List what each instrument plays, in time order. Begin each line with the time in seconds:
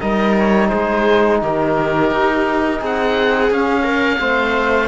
0.00 cello G3, trombone D#4, viola A#4, oboe D#5
0.39 oboe C#5
0.68 cello G#3, viola G#4, oboe C5
1.42 cello D#3, viola G4, oboe A#4
2.11 cello D#4
2.80 cello C4, viola G#4, oboe F#5
3.51 cello C#4, trombone C#4, oboe F5
3.83 viola A#4
4.18 cello A3, trombone C4, viola C5